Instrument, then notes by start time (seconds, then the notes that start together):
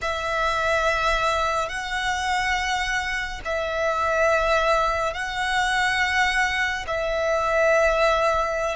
violin
0.01 E5
1.69 F#5
3.44 E5
5.14 F#5
6.87 E5